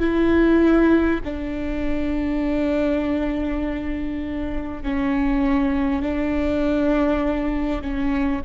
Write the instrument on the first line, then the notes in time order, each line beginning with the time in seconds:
viola
0.00 E4
1.25 D4
4.83 C#4
6.03 D4
7.82 C#4